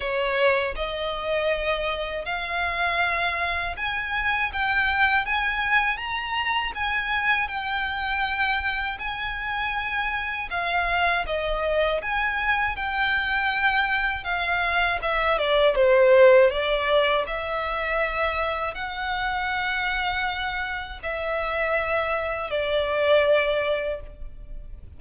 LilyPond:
\new Staff \with { instrumentName = "violin" } { \time 4/4 \tempo 4 = 80 cis''4 dis''2 f''4~ | f''4 gis''4 g''4 gis''4 | ais''4 gis''4 g''2 | gis''2 f''4 dis''4 |
gis''4 g''2 f''4 | e''8 d''8 c''4 d''4 e''4~ | e''4 fis''2. | e''2 d''2 | }